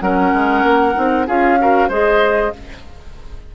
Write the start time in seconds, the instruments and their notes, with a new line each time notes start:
0.00 bassoon F#3, clarinet C#4, oboe A#4, flute F#5
0.33 bassoon G#3
0.63 bassoon A#3
0.94 bassoon C4, clarinet D#4
1.27 bassoon C#4, clarinet F4, oboe G#4, flute F5
1.60 clarinet F#4, oboe A#4
1.89 bassoon G#3, clarinet G#4, oboe C5, flute D#5